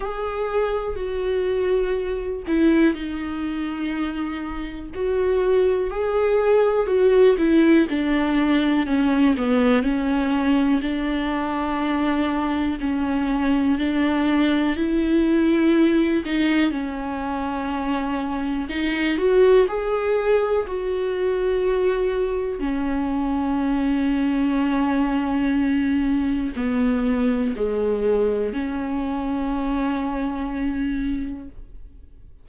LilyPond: \new Staff \with { instrumentName = "viola" } { \time 4/4 \tempo 4 = 61 gis'4 fis'4. e'8 dis'4~ | dis'4 fis'4 gis'4 fis'8 e'8 | d'4 cis'8 b8 cis'4 d'4~ | d'4 cis'4 d'4 e'4~ |
e'8 dis'8 cis'2 dis'8 fis'8 | gis'4 fis'2 cis'4~ | cis'2. b4 | gis4 cis'2. | }